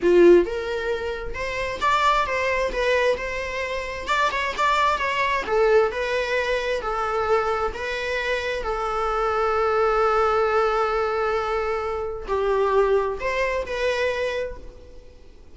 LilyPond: \new Staff \with { instrumentName = "viola" } { \time 4/4 \tempo 4 = 132 f'4 ais'2 c''4 | d''4 c''4 b'4 c''4~ | c''4 d''8 cis''8 d''4 cis''4 | a'4 b'2 a'4~ |
a'4 b'2 a'4~ | a'1~ | a'2. g'4~ | g'4 c''4 b'2 | }